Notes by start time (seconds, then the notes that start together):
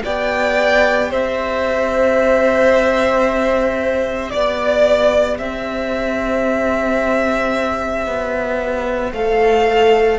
0.00 B3 G4 D5 G5
1.10 C4 C5 E5
4.30 B3 D5
5.38 C4 C5 E5
8.06 B3
9.12 A3 A4 F5